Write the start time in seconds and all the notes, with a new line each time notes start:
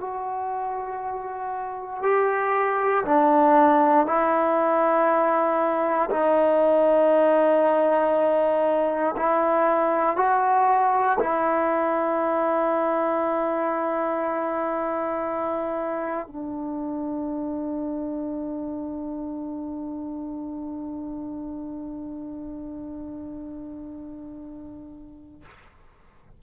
0.00 F#4
2.03 G4
3.05 D4
4.07 E4
6.11 D#4
9.17 E4
10.17 F#4
11.20 E4
16.28 D4